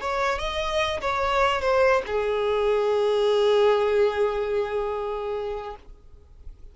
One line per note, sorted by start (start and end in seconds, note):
0.00 0.38 C#5
0.38 1.00 D#5
1.00 1.61 C#5
1.61 2.02 C5
2.06 5.76 G#4